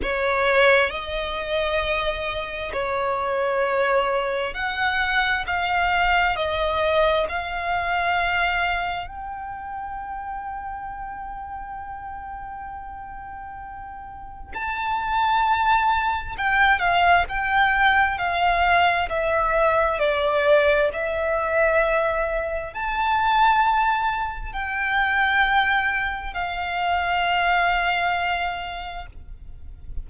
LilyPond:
\new Staff \with { instrumentName = "violin" } { \time 4/4 \tempo 4 = 66 cis''4 dis''2 cis''4~ | cis''4 fis''4 f''4 dis''4 | f''2 g''2~ | g''1 |
a''2 g''8 f''8 g''4 | f''4 e''4 d''4 e''4~ | e''4 a''2 g''4~ | g''4 f''2. | }